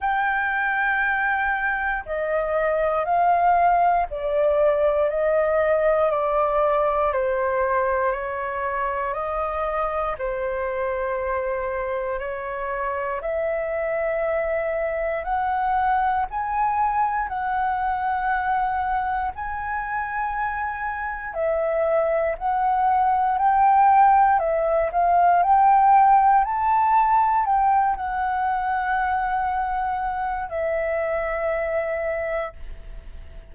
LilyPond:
\new Staff \with { instrumentName = "flute" } { \time 4/4 \tempo 4 = 59 g''2 dis''4 f''4 | d''4 dis''4 d''4 c''4 | cis''4 dis''4 c''2 | cis''4 e''2 fis''4 |
gis''4 fis''2 gis''4~ | gis''4 e''4 fis''4 g''4 | e''8 f''8 g''4 a''4 g''8 fis''8~ | fis''2 e''2 | }